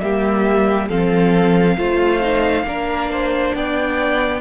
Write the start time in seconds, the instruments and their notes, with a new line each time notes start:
0.00 cello G3, viola A#3, violin G4 E5
0.88 cello F3, viola C4, violin A4 F5
1.77 cello A3, viola F4, violin C5
2.21 viola D#4
2.63 cello A#3, viola D4, violin A#4
3.11 violin C5
3.54 cello B3, violin D5 G5